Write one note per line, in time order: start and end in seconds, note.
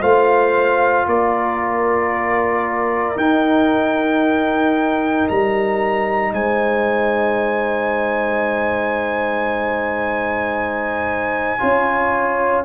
0.00 1.06 A3
0.00 3.17 F4
0.00 1.05 C5
0.00 1.07 F5
1.06 3.16 A#3
1.06 6.33 A#4
1.06 3.17 D5
3.16 5.26 D#4
3.16 11.58 D#4
3.16 5.28 G5
5.28 6.32 G3
5.28 6.33 A#5
6.32 11.58 G#3
6.32 11.59 C5
6.32 12.64 G#5
11.58 12.64 C#4
11.58 12.64 F4
11.58 12.64 C#5